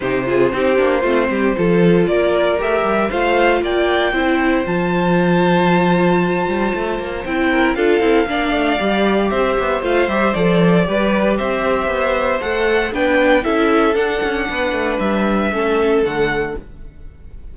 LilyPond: <<
  \new Staff \with { instrumentName = "violin" } { \time 4/4 \tempo 4 = 116 c''1 | d''4 e''4 f''4 g''4~ | g''4 a''2.~ | a''2 g''4 f''4~ |
f''2 e''4 f''8 e''8 | d''2 e''2 | fis''4 g''4 e''4 fis''4~ | fis''4 e''2 fis''4 | }
  \new Staff \with { instrumentName = "violin" } { \time 4/4 g'8 gis'8 g'4 f'8 g'8 a'4 | ais'2 c''4 d''4 | c''1~ | c''2~ c''8 ais'8 a'4 |
d''2 c''2~ | c''4 b'4 c''2~ | c''4 b'4 a'2 | b'2 a'2 | }
  \new Staff \with { instrumentName = "viola" } { \time 4/4 dis'8 f'8 dis'8 d'8 c'4 f'4~ | f'4 g'4 f'2 | e'4 f'2.~ | f'2 e'4 f'8 e'8 |
d'4 g'2 f'8 g'8 | a'4 g'2. | a'4 d'4 e'4 d'4~ | d'2 cis'4 a4 | }
  \new Staff \with { instrumentName = "cello" } { \time 4/4 c4 c'8 ais8 a8 g8 f4 | ais4 a8 g8 a4 ais4 | c'4 f2.~ | f8 g8 a8 ais8 c'4 d'8 c'8 |
ais8 a8 g4 c'8 b8 a8 g8 | f4 g4 c'4 b4 | a4 b4 cis'4 d'8 cis'8 | b8 a8 g4 a4 d4 | }
>>